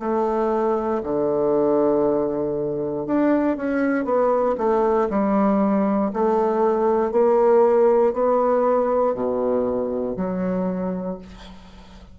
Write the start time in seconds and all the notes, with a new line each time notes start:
0.00 A3
1.03 D3
3.06 D4
3.57 C#4
4.04 B3
4.58 A3
5.09 G3
6.13 A3
7.12 A#3
8.14 B3
9.14 B2
10.16 F#3